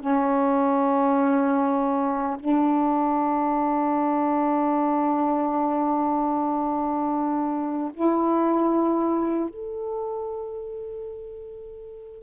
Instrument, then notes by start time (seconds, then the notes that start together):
saxophone
0.00 C#4
2.39 D4
7.94 E4
9.50 A4